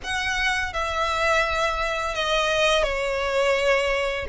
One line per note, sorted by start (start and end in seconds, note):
0.03 0.73 F#5
0.73 2.14 E5
2.14 2.83 D#5
2.83 4.26 C#5